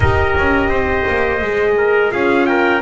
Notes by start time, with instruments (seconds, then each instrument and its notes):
0.00 double bass D#4, horn G4, trumpet A#4 D#5
0.37 double bass C#4
0.68 double bass C4, trumpet C5
1.07 double bass A#3
1.41 double bass G#3, horn G#4
1.77 trumpet A#4
2.11 double bass C#4, horn F4, trumpet G#4 F5
2.45 trumpet A#4 G5